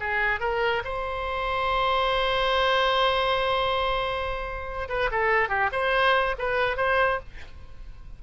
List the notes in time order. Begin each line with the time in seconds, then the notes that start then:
0.00 G#4
0.40 A#4
0.84 C5
4.89 B4
5.11 A4
5.49 G4
5.72 C5
6.38 B4
6.77 C5